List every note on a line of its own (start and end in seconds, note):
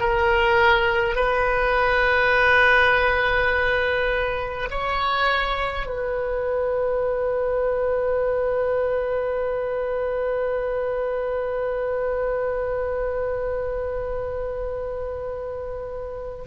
0.00 1.16 A#4
1.16 4.68 B4
4.70 5.86 C#5
5.86 16.45 B4